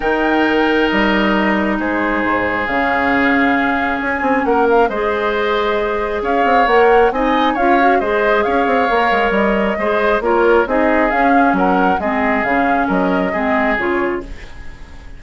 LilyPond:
<<
  \new Staff \with { instrumentName = "flute" } { \time 4/4 \tempo 4 = 135 g''2 dis''2 | c''2 f''2~ | f''4 gis''4 fis''8 f''8 dis''4~ | dis''2 f''4 fis''4 |
gis''4 f''4 dis''4 f''4~ | f''4 dis''2 cis''4 | dis''4 f''4 fis''4 dis''4 | f''4 dis''2 cis''4 | }
  \new Staff \with { instrumentName = "oboe" } { \time 4/4 ais'1 | gis'1~ | gis'2 ais'4 c''4~ | c''2 cis''2 |
dis''4 cis''4 c''4 cis''4~ | cis''2 c''4 ais'4 | gis'2 ais'4 gis'4~ | gis'4 ais'4 gis'2 | }
  \new Staff \with { instrumentName = "clarinet" } { \time 4/4 dis'1~ | dis'2 cis'2~ | cis'2. gis'4~ | gis'2. ais'4 |
dis'4 f'8 fis'8 gis'2 | ais'2 gis'4 f'4 | dis'4 cis'2 c'4 | cis'2 c'4 f'4 | }
  \new Staff \with { instrumentName = "bassoon" } { \time 4/4 dis2 g2 | gis4 gis,4 cis2~ | cis4 cis'8 c'8 ais4 gis4~ | gis2 cis'8 c'8 ais4 |
c'4 cis'4 gis4 cis'8 c'8 | ais8 gis8 g4 gis4 ais4 | c'4 cis'4 fis4 gis4 | cis4 fis4 gis4 cis4 | }
>>